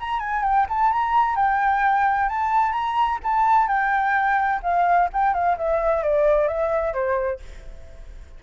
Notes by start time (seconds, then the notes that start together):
0.00 A#5
0.20 G#5
0.43 G5
0.69 A5
0.92 A#5
1.36 G5
2.29 A5
2.73 A#5
3.23 A5
3.68 G5
4.63 F5
5.14 G5
5.34 F5
5.58 E5
6.03 D5
6.48 E5
6.94 C5